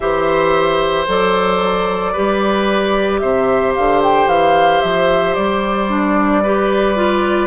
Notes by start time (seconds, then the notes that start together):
0.00 E3 G4 C5 E5
1.07 F#3 A4 D5
2.12 G3 G4 B4
3.19 C3 C5 E5
3.75 D3 F5
4.02 G5
4.26 E3 F5
4.81 F3 E5
5.34 G3 D5
5.89 D4
6.42 G4 B4
6.96 F4